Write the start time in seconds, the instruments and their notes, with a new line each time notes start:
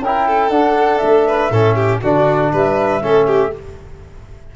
0.00 tuba C#4, trombone E4, violin A#4, flute G5
0.28 violin A4
0.50 tuba D4, trombone D4, flute F#5
0.97 tuba A3, flute E5
1.27 violin B4
1.51 tuba A2, trombone C#4, violin A4
1.76 violin G4
2.02 tuba D3, trombone D4, violin F#4, flute D5
2.52 tuba G3, violin B4, flute E5
3.01 tuba A3, trombone C#4, violin A4
3.27 violin G4